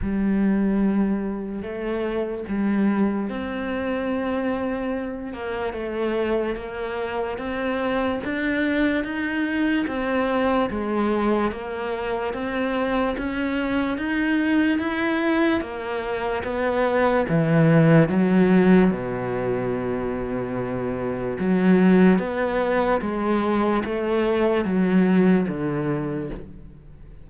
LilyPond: \new Staff \with { instrumentName = "cello" } { \time 4/4 \tempo 4 = 73 g2 a4 g4 | c'2~ c'8 ais8 a4 | ais4 c'4 d'4 dis'4 | c'4 gis4 ais4 c'4 |
cis'4 dis'4 e'4 ais4 | b4 e4 fis4 b,4~ | b,2 fis4 b4 | gis4 a4 fis4 d4 | }